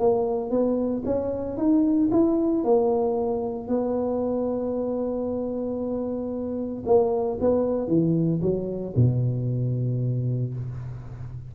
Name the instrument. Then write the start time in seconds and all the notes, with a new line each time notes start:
tuba
0.00 A#3
0.50 B3
1.06 C#4
1.57 D#4
2.12 E4
2.64 A#3
3.68 B3
6.86 A#3
7.40 B3
7.88 E3
8.42 F#3
8.96 B2